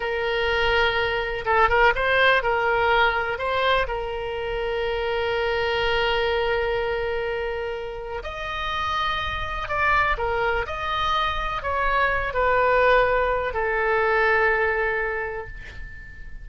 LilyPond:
\new Staff \with { instrumentName = "oboe" } { \time 4/4 \tempo 4 = 124 ais'2. a'8 ais'8 | c''4 ais'2 c''4 | ais'1~ | ais'1~ |
ais'4 dis''2. | d''4 ais'4 dis''2 | cis''4. b'2~ b'8 | a'1 | }